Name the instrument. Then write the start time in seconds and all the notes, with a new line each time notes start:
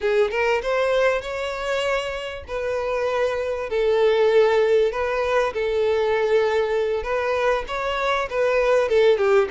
violin
0.00 G#4
0.31 A#4
0.62 C5
1.21 C#5
2.47 B4
3.69 A4
4.91 B4
5.53 A4
7.03 B4
7.67 C#5
8.30 B4
8.88 A4
9.17 G4